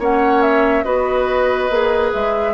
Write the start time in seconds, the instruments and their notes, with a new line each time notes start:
0.00 bassoon A#3, clarinet C#4, oboe C#5, flute F#5
0.42 flute E5
0.84 bassoon B3, clarinet F#4, oboe B4, flute D#5
1.70 bassoon A#3, clarinet G#4
2.14 bassoon G#3, flute E5